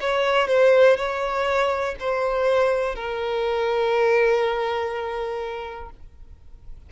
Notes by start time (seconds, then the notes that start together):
0.00 C#5
0.47 C5
0.97 C#5
1.99 C5
2.95 A#4